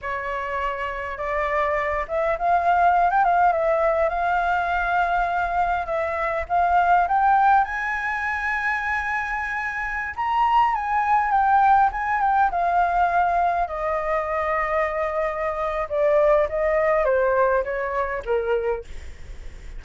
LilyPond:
\new Staff \with { instrumentName = "flute" } { \time 4/4 \tempo 4 = 102 cis''2 d''4. e''8 | f''4~ f''16 g''16 f''8 e''4 f''4~ | f''2 e''4 f''4 | g''4 gis''2.~ |
gis''4~ gis''16 ais''4 gis''4 g''8.~ | g''16 gis''8 g''8 f''2 dis''8.~ | dis''2. d''4 | dis''4 c''4 cis''4 ais'4 | }